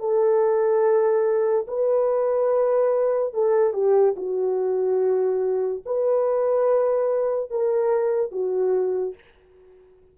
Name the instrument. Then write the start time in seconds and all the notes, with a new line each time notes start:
horn
0.00 A4
1.68 B4
3.34 A4
3.73 G4
4.17 F#4
5.86 B4
7.51 A#4
8.32 F#4